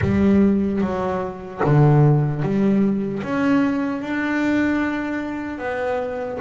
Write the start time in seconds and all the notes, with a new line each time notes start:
0.01 G3
0.81 F#3
1.64 D3
2.42 G3
3.22 C#4
4.01 D4
5.58 B3